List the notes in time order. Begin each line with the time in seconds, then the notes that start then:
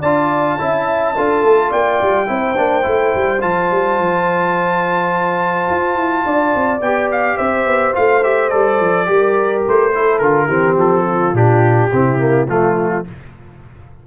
0.00 D4 F4 D5 A5
0.59 C#4 E4 E5
1.16 D4 F4 A4
1.43 A3
1.70 A#3 D5 G5
2.02 G3
2.27 C4 E4 C5
2.57 A#3 D4
2.82 A3 E4
3.15 G3
3.40 F3 F4 A5
3.71 G3
3.99 F3
5.69 F4
5.95 E4
6.25 D4 D5
6.55 C4
6.80 B3 G4 G5
7.11 F5
7.37 C4 C5 E5
7.66 B3
7.93 A3 F4 F5
8.23 G4 E5
8.49 G3 A4 D5
8.80 F3
9.06 G3 G4 A#4
9.67 A3 C5
9.94 E4 A4
10.19 D3 F4 A#4
10.47 E3 C4 G4
10.77 F3 A4
11.06 F4
11.33 A#2 D4 G4
11.92 C3 C4 E4
12.19 A#3
12.48 F3 A3 F4